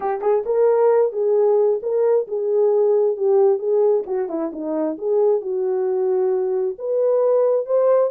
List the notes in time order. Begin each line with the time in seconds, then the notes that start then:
0.00 G4
0.21 G#4
0.45 A#4
1.12 G#4
1.82 A#4
2.27 G#4
3.16 G4
3.58 G#4
4.06 F#4
4.29 E4
4.52 D#4
4.97 G#4
5.41 F#4
6.78 B4
7.66 C5